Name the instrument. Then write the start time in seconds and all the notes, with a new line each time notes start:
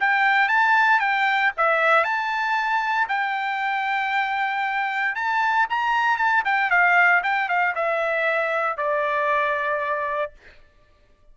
trumpet
0.00 G5
0.48 A5
0.99 G5
1.57 E5
2.04 A5
3.08 G5
5.15 A5
5.69 A#5
6.17 A5
6.45 G5
6.70 F5
7.23 G5
7.48 F5
7.75 E5
8.77 D5